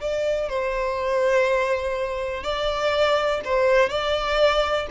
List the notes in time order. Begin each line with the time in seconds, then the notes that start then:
0.00 D5
0.49 C5
2.43 D5
3.44 C5
3.89 D5